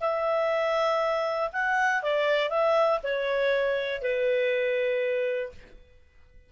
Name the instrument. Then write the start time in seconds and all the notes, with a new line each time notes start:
clarinet
0.00 E5
1.52 F#5
2.02 D5
2.50 E5
3.03 C#5
4.01 B4